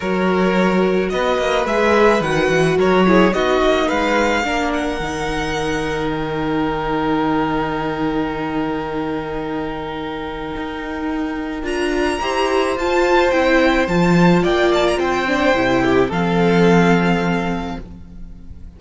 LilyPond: <<
  \new Staff \with { instrumentName = "violin" } { \time 4/4 \tempo 4 = 108 cis''2 dis''4 e''4 | fis''4 cis''4 dis''4 f''4~ | f''8 fis''2~ fis''8 g''4~ | g''1~ |
g''1~ | g''4 ais''2 a''4 | g''4 a''4 g''8 a''16 ais''16 g''4~ | g''4 f''2. | }
  \new Staff \with { instrumentName = "violin" } { \time 4/4 ais'2 b'2~ | b'4 ais'8 gis'8 fis'4 b'4 | ais'1~ | ais'1~ |
ais'1~ | ais'2 c''2~ | c''2 d''4 c''4~ | c''8 g'8 a'2. | }
  \new Staff \with { instrumentName = "viola" } { \time 4/4 fis'2. gis'4 | fis'4. e'8 dis'2 | d'4 dis'2.~ | dis'1~ |
dis'1~ | dis'4 f'4 g'4 f'4 | e'4 f'2~ f'8 d'8 | e'4 c'2. | }
  \new Staff \with { instrumentName = "cello" } { \time 4/4 fis2 b8 ais8 gis4 | dis8 e8 fis4 b8 ais8 gis4 | ais4 dis2.~ | dis1~ |
dis2. dis'4~ | dis'4 d'4 e'4 f'4 | c'4 f4 ais4 c'4 | c4 f2. | }
>>